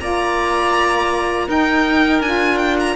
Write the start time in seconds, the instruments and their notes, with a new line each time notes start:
0.00 cello A#3, saxophone F4, oboe D5, violin A#5
1.48 cello D#4, saxophone D#4, oboe A#4, violin G5
2.21 cello D4, saxophone F4, violin G#5
2.58 violin G5
2.80 violin A#5